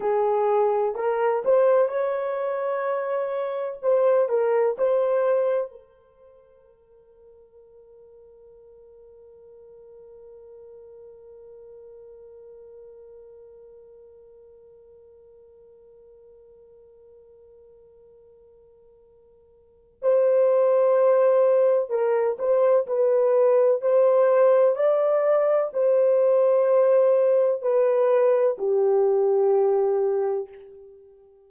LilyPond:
\new Staff \with { instrumentName = "horn" } { \time 4/4 \tempo 4 = 63 gis'4 ais'8 c''8 cis''2 | c''8 ais'8 c''4 ais'2~ | ais'1~ | ais'1~ |
ais'1~ | ais'4 c''2 ais'8 c''8 | b'4 c''4 d''4 c''4~ | c''4 b'4 g'2 | }